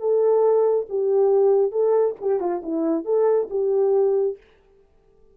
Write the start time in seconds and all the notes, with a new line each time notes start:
0.00 A4
0.89 G4
1.72 A4
2.21 G4
2.40 F4
2.63 E4
3.05 A4
3.50 G4